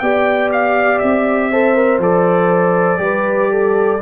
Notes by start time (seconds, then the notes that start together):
0.00 B3 G4 D5 G5
0.53 F5
0.99 C4 E5
1.51 A4 C5
1.75 A#4
1.99 F3 A4 D5
2.98 G3 G4 B4
3.52 A4